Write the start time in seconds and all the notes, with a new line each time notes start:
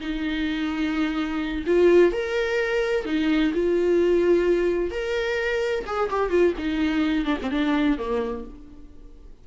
0.00 D#4
1.66 F4
2.12 A#4
3.05 D#4
3.53 F4
4.90 A#4
5.86 G#4
6.09 G4
6.30 F4
6.58 D#4
7.25 D4
7.41 C4
7.50 D4
7.98 A#3